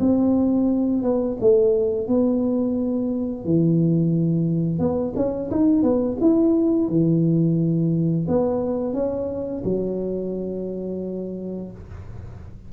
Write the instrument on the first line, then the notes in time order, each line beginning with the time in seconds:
tuba
0.00 C4
1.03 B3
1.41 A3
2.07 B3
3.45 E3
4.79 B3
5.16 C#4
5.51 D#4
5.83 B3
6.21 E4
6.88 E3
8.28 B3
8.93 C#4
9.65 F#3